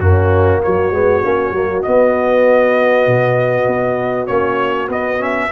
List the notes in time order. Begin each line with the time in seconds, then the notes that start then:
0.00 F#2 A#3 C#4 F#4
0.63 F#3 F#4 C#5
0.91 G#3 B3
1.23 A#3 C#4
1.51 F#3 A#3
1.83 B3 D#5
3.07 B2
3.67 B3
4.27 A#3 C#4 C#5
4.89 B3 D#5
5.19 C#4 E5